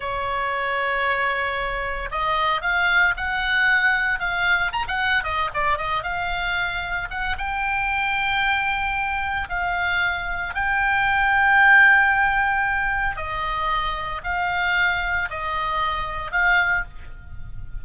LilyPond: \new Staff \with { instrumentName = "oboe" } { \time 4/4 \tempo 4 = 114 cis''1 | dis''4 f''4 fis''2 | f''4 ais''16 fis''8. dis''8 d''8 dis''8 f''8~ | f''4. fis''8 g''2~ |
g''2 f''2 | g''1~ | g''4 dis''2 f''4~ | f''4 dis''2 f''4 | }